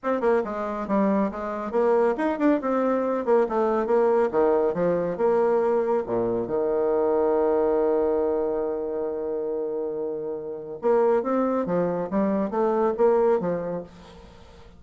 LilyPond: \new Staff \with { instrumentName = "bassoon" } { \time 4/4 \tempo 4 = 139 c'8 ais8 gis4 g4 gis4 | ais4 dis'8 d'8 c'4. ais8 | a4 ais4 dis4 f4 | ais2 ais,4 dis4~ |
dis1~ | dis1~ | dis4 ais4 c'4 f4 | g4 a4 ais4 f4 | }